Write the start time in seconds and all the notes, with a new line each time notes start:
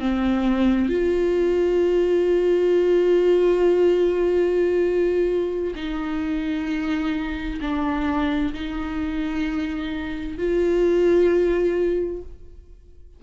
0.00 C4
0.89 F4
5.75 D#4
7.61 D4
8.54 D#4
10.38 F4